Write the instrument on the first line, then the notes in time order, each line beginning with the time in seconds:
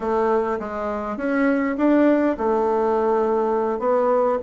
bassoon
0.00 A3
0.59 G#3
1.17 C#4
1.77 D4
2.37 A3
3.79 B3